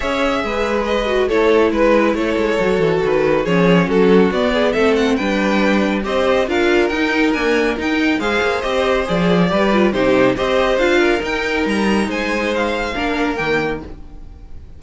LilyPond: <<
  \new Staff \with { instrumentName = "violin" } { \time 4/4 \tempo 4 = 139 e''2 dis''4 cis''4 | b'4 cis''2 b'4 | cis''4 a'4 d''4 e''8 fis''8 | g''2 dis''4 f''4 |
g''4 gis''4 g''4 f''4 | dis''4 d''2 c''4 | dis''4 f''4 g''4 ais''4 | gis''4 f''2 g''4 | }
  \new Staff \with { instrumentName = "violin" } { \time 4/4 cis''4 b'2 a'4 | b'4 a'2. | gis'4 fis'4. gis'8 a'4 | b'2 c''4 ais'4~ |
ais'2. c''4~ | c''2 b'4 g'4 | c''4. ais'2~ ais'8 | c''2 ais'2 | }
  \new Staff \with { instrumentName = "viola" } { \time 4/4 gis'2~ gis'8 fis'8 e'4~ | e'2 fis'2 | cis'2 b4 c'4 | d'2 g'4 f'4 |
dis'4 ais4 dis'4 gis'4 | g'4 gis'4 g'8 f'8 dis'4 | g'4 f'4 dis'2~ | dis'2 d'4 ais4 | }
  \new Staff \with { instrumentName = "cello" } { \time 4/4 cis'4 gis2 a4 | gis4 a8 gis8 fis8 e8 dis4 | f4 fis4 b4 a4 | g2 c'4 d'4 |
dis'4 d'4 dis'4 gis8 ais8 | c'4 f4 g4 c4 | c'4 d'4 dis'4 g4 | gis2 ais4 dis4 | }
>>